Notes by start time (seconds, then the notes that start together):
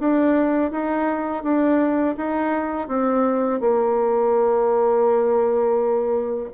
0.00 D4
0.72 D#4
1.44 D4
2.18 D#4
2.88 C4
3.61 A#3